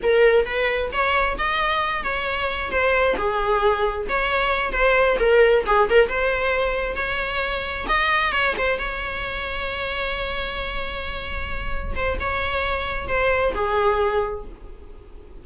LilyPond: \new Staff \with { instrumentName = "viola" } { \time 4/4 \tempo 4 = 133 ais'4 b'4 cis''4 dis''4~ | dis''8 cis''4. c''4 gis'4~ | gis'4 cis''4. c''4 ais'8~ | ais'8 gis'8 ais'8 c''2 cis''8~ |
cis''4. dis''4 cis''8 c''8 cis''8~ | cis''1~ | cis''2~ cis''8 c''8 cis''4~ | cis''4 c''4 gis'2 | }